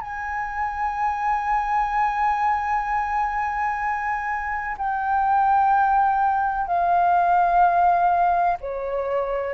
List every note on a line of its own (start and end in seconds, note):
0.00 4.76 G#5
4.77 6.67 G5
6.67 8.57 F5
8.60 9.54 C#5